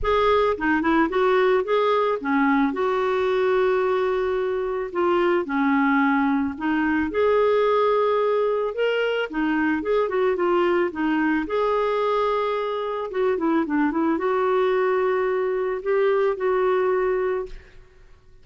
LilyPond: \new Staff \with { instrumentName = "clarinet" } { \time 4/4 \tempo 4 = 110 gis'4 dis'8 e'8 fis'4 gis'4 | cis'4 fis'2.~ | fis'4 f'4 cis'2 | dis'4 gis'2. |
ais'4 dis'4 gis'8 fis'8 f'4 | dis'4 gis'2. | fis'8 e'8 d'8 e'8 fis'2~ | fis'4 g'4 fis'2 | }